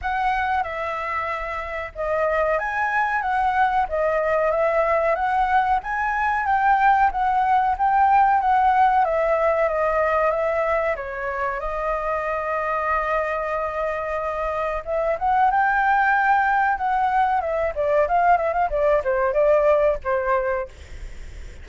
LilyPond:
\new Staff \with { instrumentName = "flute" } { \time 4/4 \tempo 4 = 93 fis''4 e''2 dis''4 | gis''4 fis''4 dis''4 e''4 | fis''4 gis''4 g''4 fis''4 | g''4 fis''4 e''4 dis''4 |
e''4 cis''4 dis''2~ | dis''2. e''8 fis''8 | g''2 fis''4 e''8 d''8 | f''8 e''16 f''16 d''8 c''8 d''4 c''4 | }